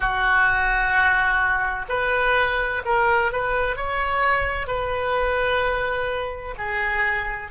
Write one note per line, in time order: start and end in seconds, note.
0.00 1.85 F#4
1.88 2.82 B4
2.85 3.32 A#4
3.32 3.76 B4
3.76 4.67 C#5
4.67 6.55 B4
6.57 7.51 G#4